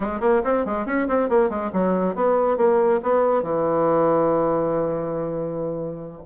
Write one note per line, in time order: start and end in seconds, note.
0.00 0.20 G#3
0.20 0.42 A#3
0.44 0.65 C4
0.65 0.86 G#3
0.86 1.07 C#4
1.08 1.29 C4
1.29 1.49 A#3
1.49 1.71 G#3
1.72 2.15 F#3
2.15 2.57 B3
2.57 3.00 A#3
3.02 3.42 B3
3.42 6.22 E3